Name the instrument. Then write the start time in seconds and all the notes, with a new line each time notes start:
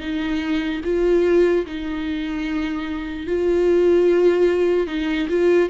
viola
0.00 D#4
0.84 F4
1.66 D#4
3.27 F4
4.87 D#4
5.29 F4